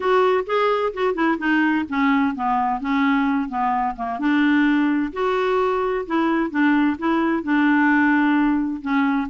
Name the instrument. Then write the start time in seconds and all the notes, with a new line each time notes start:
clarinet
0.00 F#4
0.46 G#4
0.93 F#4
1.14 E4
1.38 D#4
1.88 C#4
2.35 B3
2.80 C#4
3.49 B3
3.96 A#3
4.19 D4
5.12 F#4
6.06 E4
6.50 D4
6.98 E4
7.43 D4
8.81 C#4